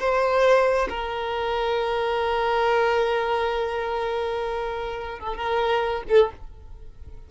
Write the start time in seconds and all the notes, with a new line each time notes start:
0.00 C5
0.89 A#4
5.20 A4
5.37 A#4
6.09 A4